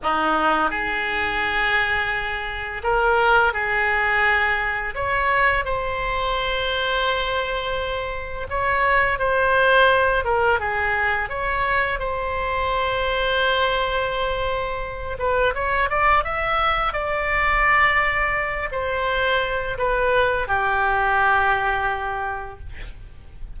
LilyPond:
\new Staff \with { instrumentName = "oboe" } { \time 4/4 \tempo 4 = 85 dis'4 gis'2. | ais'4 gis'2 cis''4 | c''1 | cis''4 c''4. ais'8 gis'4 |
cis''4 c''2.~ | c''4. b'8 cis''8 d''8 e''4 | d''2~ d''8 c''4. | b'4 g'2. | }